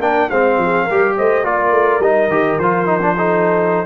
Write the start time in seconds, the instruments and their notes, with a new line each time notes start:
0.00 tuba A#3, trombone D4, horn A#4, trumpet G5
0.30 tuba G#3, trombone C4, horn C5, trumpet F5
0.58 tuba F3, horn G#4
0.84 horn A#4
0.91 tuba G3, trombone G4
1.17 tuba A3, horn C5, trumpet D#5
1.45 tuba A#3, trombone F4, horn A#4, trumpet D5
1.72 tuba A3
2.00 tuba G3, trombone D#4, trumpet D#5
2.28 tuba D#3, trombone G4
2.59 tuba F3, trombone F4, trumpet C5
2.86 trombone D#4
3.02 trombone D4
3.17 trombone D#4, horn A4